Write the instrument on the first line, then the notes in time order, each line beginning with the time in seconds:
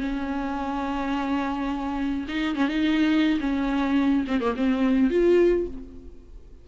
viola
0.00 C#4
2.28 D#4
2.55 C#4
2.68 D#4
3.40 C#4
4.27 C4
4.40 A#3
4.56 C4
5.10 F4